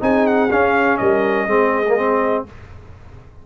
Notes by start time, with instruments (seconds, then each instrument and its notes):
0.00 tuba C4, trombone D#4, horn G#4, trumpet G#5
0.27 trumpet F#5
0.51 trombone C#4, tuba C#4, trumpet F5
0.98 tuba G3, horn A#4, trumpet D#5
1.47 tuba G#3, trombone C4, horn G#4
1.88 trombone A#3
1.97 trombone C4